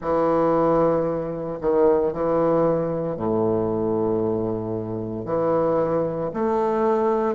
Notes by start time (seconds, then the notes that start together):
0.01 E3
1.61 D#3
2.12 E3
3.16 A2
5.25 E3
6.33 A3